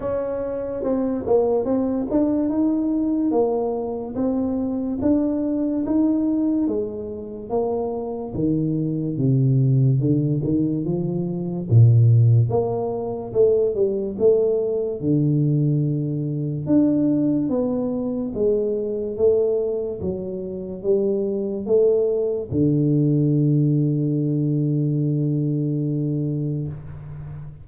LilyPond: \new Staff \with { instrumentName = "tuba" } { \time 4/4 \tempo 4 = 72 cis'4 c'8 ais8 c'8 d'8 dis'4 | ais4 c'4 d'4 dis'4 | gis4 ais4 dis4 c4 | d8 dis8 f4 ais,4 ais4 |
a8 g8 a4 d2 | d'4 b4 gis4 a4 | fis4 g4 a4 d4~ | d1 | }